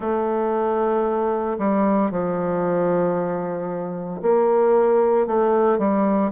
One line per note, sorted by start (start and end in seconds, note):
0.00 1.58 A3
1.58 2.11 G3
2.11 4.21 F3
4.22 5.26 A#3
5.26 5.78 A3
5.78 6.31 G3